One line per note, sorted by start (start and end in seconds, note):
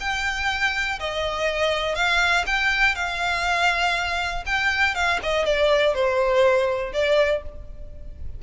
0.00 0.99 G5
0.99 1.95 D#5
1.95 2.45 F5
2.46 2.95 G5
2.95 4.44 F5
4.46 4.95 G5
4.95 5.19 F5
5.23 5.45 D#5
5.45 5.94 D5
5.94 6.93 C5
6.93 7.42 D5